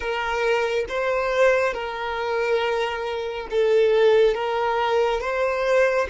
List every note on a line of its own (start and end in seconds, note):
0.00 0.85 A#4
0.89 1.73 C5
1.73 3.47 A#4
3.50 4.34 A4
4.34 5.20 A#4
5.20 6.07 C5